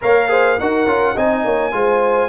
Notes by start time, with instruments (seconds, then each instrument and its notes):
0.01 tuba A#3, trombone A#4, horn C#5, trumpet F5
0.28 trombone G#4, horn C5
0.59 tuba D#4, trombone F#4, horn A#4, trumpet F#5
0.86 tuba C#4, trombone F4
1.15 tuba C4, trombone D#4, horn D#5, trumpet G#5
1.44 tuba A#3, horn C#5
1.72 tuba G#3, trombone F4, horn C5